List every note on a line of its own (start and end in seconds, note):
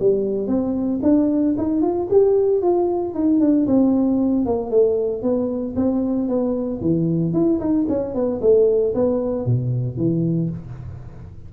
0.00 0.48 G3
0.48 1.00 C4
1.03 1.56 D4
1.58 1.82 D#4
1.82 2.08 F4
2.10 2.62 G4
2.62 3.15 F4
3.15 3.40 D#4
3.40 3.67 D4
3.67 4.46 C4
4.46 4.71 A#3
4.71 5.22 A3
5.22 5.75 B3
5.76 6.28 C4
6.28 6.81 B3
6.81 7.33 E3
7.33 7.60 E4
7.60 7.86 D#4
7.89 8.15 C#4
8.15 8.41 B3
8.42 8.94 A3
8.94 9.46 B3
9.46 9.97 B2
9.97 10.50 E3